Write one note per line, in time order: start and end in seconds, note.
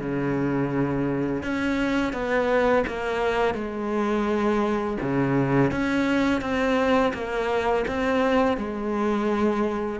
0.00 1.43 C#3
1.43 2.13 C#4
2.13 2.84 B3
2.87 3.54 A#3
3.54 4.97 G#3
5.01 5.71 C#3
5.71 6.41 C#4
6.41 7.12 C4
7.13 7.85 A#3
7.88 8.57 C4
8.57 10.00 G#3